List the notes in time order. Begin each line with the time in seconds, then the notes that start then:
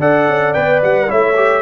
0.00 D4 A4 D5 F#5
0.28 C#4
0.54 B3 B4 G5
0.84 G3 F#5
1.08 A3 E4 C#5 E5
1.36 G4